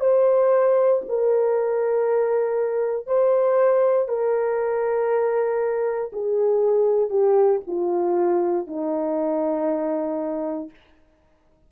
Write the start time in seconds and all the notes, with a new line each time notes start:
0.00 C5
1.09 A#4
3.06 C5
4.08 A#4
6.12 G#4
7.10 G4
7.67 F4
8.67 D#4